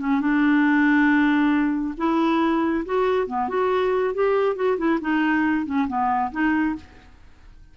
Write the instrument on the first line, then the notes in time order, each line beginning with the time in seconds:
clarinet
0.00 C#4
0.21 D4
1.98 E4
2.86 F#4
3.27 B3
3.49 F#4
4.14 G4
4.56 F#4
4.78 E4
5.01 D#4
5.66 C#4
5.88 B3
6.32 D#4